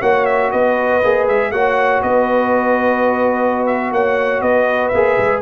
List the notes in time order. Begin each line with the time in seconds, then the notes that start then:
0.00 A#3 F#4 C#5 F#5
0.26 E5
0.52 B3 B4 D#5
1.04 A#3 G#4
1.28 G#3 E5
1.52 A#3 F#4 C#5 F#5
2.03 B3 B4 D#5
3.67 E5
3.92 A#3 C#5 F#5
4.42 B3 B4 D#5
4.89 A#3 G#4 E5
5.19 G#3